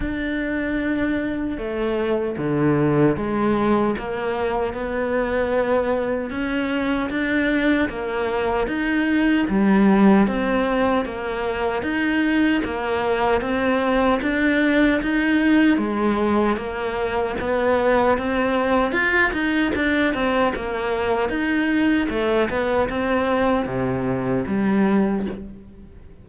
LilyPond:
\new Staff \with { instrumentName = "cello" } { \time 4/4 \tempo 4 = 76 d'2 a4 d4 | gis4 ais4 b2 | cis'4 d'4 ais4 dis'4 | g4 c'4 ais4 dis'4 |
ais4 c'4 d'4 dis'4 | gis4 ais4 b4 c'4 | f'8 dis'8 d'8 c'8 ais4 dis'4 | a8 b8 c'4 c4 g4 | }